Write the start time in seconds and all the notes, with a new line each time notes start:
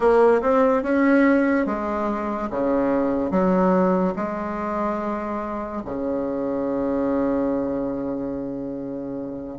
0.00 A#3
0.41 C4
0.82 C#4
1.66 G#3
2.50 C#3
3.30 F#3
4.16 G#3
5.85 C#3